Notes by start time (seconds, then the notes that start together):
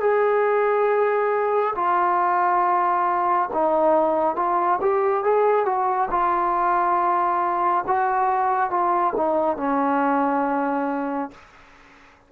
0.00 G#4
1.75 F4
3.53 D#4
4.36 F4
4.81 G4
5.23 G#4
5.65 F#4
6.10 F4
7.87 F#4
8.70 F4
9.16 D#4
9.57 C#4